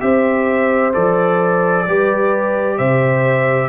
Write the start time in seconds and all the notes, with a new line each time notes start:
0.00 C4 G4 C5 E5
0.92 F3 A4 D5
1.87 G3 G4 B4
2.77 C3 C5 E5